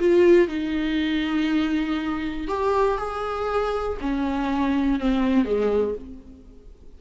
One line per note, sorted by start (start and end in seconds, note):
0.00 0.48 F4
0.48 2.48 D#4
2.48 2.98 G4
2.98 3.98 G#4
4.01 5.00 C#4
5.00 5.45 C4
5.45 5.95 G#3